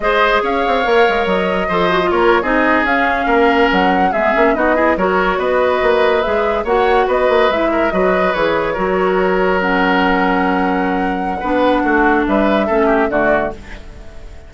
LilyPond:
<<
  \new Staff \with { instrumentName = "flute" } { \time 4/4 \tempo 4 = 142 dis''4 f''2 dis''4~ | dis''4 cis''8. dis''4 f''4~ f''16~ | f''8. fis''4 e''4 dis''4 cis''16~ | cis''8. dis''2 e''4 fis''16~ |
fis''8. dis''4 e''4 dis''4 cis''16~ | cis''2~ cis''8. fis''4~ fis''16~ | fis''1~ | fis''4 e''2 d''4 | }
  \new Staff \with { instrumentName = "oboe" } { \time 4/4 c''4 cis''2. | c''4 ais'8. gis'2 ais'16~ | ais'4.~ ais'16 gis'4 fis'8 gis'8 ais'16~ | ais'8. b'2. cis''16~ |
cis''8. b'4. ais'8 b'4~ b'16~ | b'8. ais'2.~ ais'16~ | ais'2. b'4 | fis'4 b'4 a'8 g'8 fis'4 | }
  \new Staff \with { instrumentName = "clarinet" } { \time 4/4 gis'2 ais'2 | a'8 fis'16 f'4 dis'4 cis'4~ cis'16~ | cis'4.~ cis'16 b8 cis'8 dis'8 e'8 fis'16~ | fis'2~ fis'8. gis'4 fis'16~ |
fis'4.~ fis'16 e'4 fis'4 gis'16~ | gis'8. fis'2 cis'4~ cis'16~ | cis'2. d'4~ | d'2 cis'4 a4 | }
  \new Staff \with { instrumentName = "bassoon" } { \time 4/4 gis4 cis'8 c'8 ais8 gis8 fis4 | f4 ais8. c'4 cis'4 ais16~ | ais8. fis4 gis8 ais8 b4 fis16~ | fis8. b4 ais4 gis4 ais16~ |
ais8. b8 ais8 gis4 fis4 e16~ | e8. fis2.~ fis16~ | fis2. b4 | a4 g4 a4 d4 | }
>>